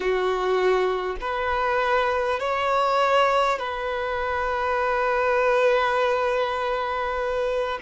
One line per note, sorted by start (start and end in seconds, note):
0.00 1.16 F#4
1.20 2.39 B4
2.39 3.58 C#5
3.58 7.78 B4